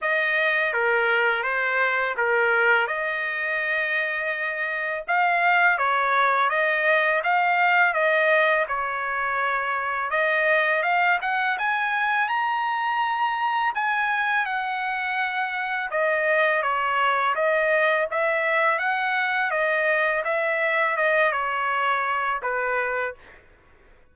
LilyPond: \new Staff \with { instrumentName = "trumpet" } { \time 4/4 \tempo 4 = 83 dis''4 ais'4 c''4 ais'4 | dis''2. f''4 | cis''4 dis''4 f''4 dis''4 | cis''2 dis''4 f''8 fis''8 |
gis''4 ais''2 gis''4 | fis''2 dis''4 cis''4 | dis''4 e''4 fis''4 dis''4 | e''4 dis''8 cis''4. b'4 | }